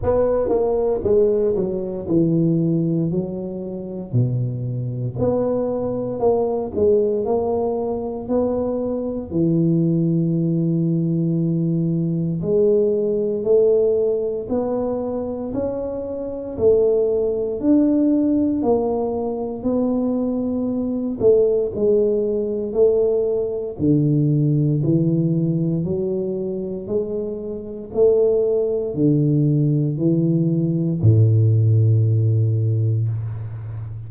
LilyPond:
\new Staff \with { instrumentName = "tuba" } { \time 4/4 \tempo 4 = 58 b8 ais8 gis8 fis8 e4 fis4 | b,4 b4 ais8 gis8 ais4 | b4 e2. | gis4 a4 b4 cis'4 |
a4 d'4 ais4 b4~ | b8 a8 gis4 a4 d4 | e4 fis4 gis4 a4 | d4 e4 a,2 | }